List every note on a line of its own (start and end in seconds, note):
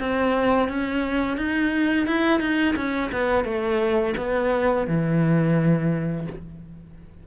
0.00 0.69 C4
0.69 1.37 C#4
1.37 2.07 D#4
2.07 2.40 E4
2.40 2.75 D#4
2.77 3.11 C#4
3.12 3.45 B3
3.45 4.14 A3
4.18 4.87 B3
4.88 6.27 E3